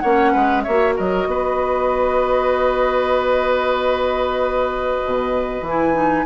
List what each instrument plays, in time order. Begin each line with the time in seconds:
0.00 bassoon A#3, clarinet C#4, oboe C#5, flute F#5
0.32 bassoon G#3, oboe B4
0.63 bassoon A#3, clarinet F#4, oboe C#5, flute E5
0.96 bassoon F#3, oboe A#4, flute D#5
1.27 bassoon B3, oboe B4
5.05 bassoon B2
5.62 bassoon E3, clarinet E4, flute G#5
5.94 clarinet D#4